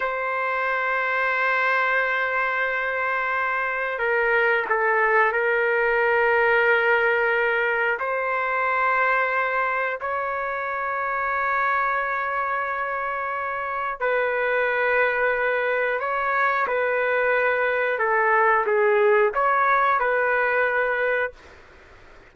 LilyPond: \new Staff \with { instrumentName = "trumpet" } { \time 4/4 \tempo 4 = 90 c''1~ | c''2 ais'4 a'4 | ais'1 | c''2. cis''4~ |
cis''1~ | cis''4 b'2. | cis''4 b'2 a'4 | gis'4 cis''4 b'2 | }